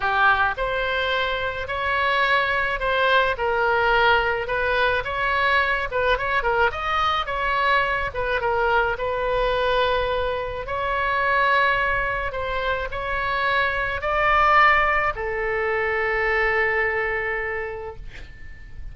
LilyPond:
\new Staff \with { instrumentName = "oboe" } { \time 4/4 \tempo 4 = 107 g'4 c''2 cis''4~ | cis''4 c''4 ais'2 | b'4 cis''4. b'8 cis''8 ais'8 | dis''4 cis''4. b'8 ais'4 |
b'2. cis''4~ | cis''2 c''4 cis''4~ | cis''4 d''2 a'4~ | a'1 | }